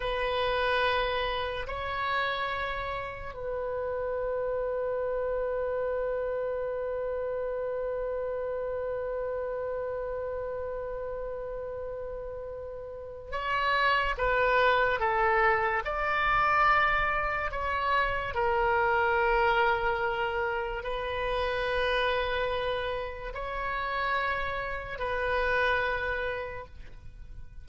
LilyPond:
\new Staff \with { instrumentName = "oboe" } { \time 4/4 \tempo 4 = 72 b'2 cis''2 | b'1~ | b'1~ | b'1 |
cis''4 b'4 a'4 d''4~ | d''4 cis''4 ais'2~ | ais'4 b'2. | cis''2 b'2 | }